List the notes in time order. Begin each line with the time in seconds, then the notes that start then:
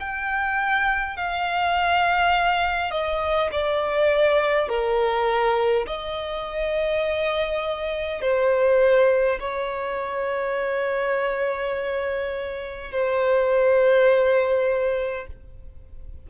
0.00 G5
1.17 F5
2.91 D#5
3.52 D5
4.69 A#4
5.87 D#5
8.21 C5
9.40 C#5
12.91 C5